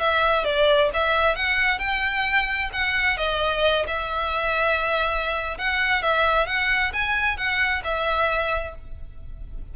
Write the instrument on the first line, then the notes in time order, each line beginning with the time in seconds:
violin
0.00 E5
0.45 D5
0.94 E5
1.36 F#5
1.79 G5
2.73 F#5
3.18 D#5
3.87 E5
5.58 F#5
6.02 E5
6.47 F#5
6.93 G#5
7.37 F#5
7.84 E5